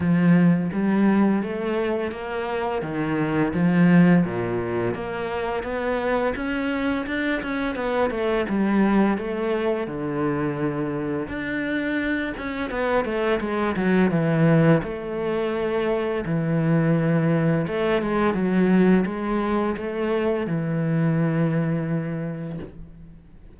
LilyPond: \new Staff \with { instrumentName = "cello" } { \time 4/4 \tempo 4 = 85 f4 g4 a4 ais4 | dis4 f4 ais,4 ais4 | b4 cis'4 d'8 cis'8 b8 a8 | g4 a4 d2 |
d'4. cis'8 b8 a8 gis8 fis8 | e4 a2 e4~ | e4 a8 gis8 fis4 gis4 | a4 e2. | }